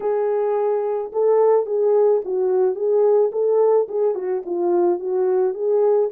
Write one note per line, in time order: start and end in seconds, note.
0.00 1.11 G#4
1.12 1.66 A4
1.66 2.21 G#4
2.24 2.75 F#4
2.75 3.31 G#4
3.32 3.87 A4
3.88 4.14 G#4
4.14 4.42 F#4
4.45 4.99 F4
4.99 5.54 F#4
5.54 6.09 G#4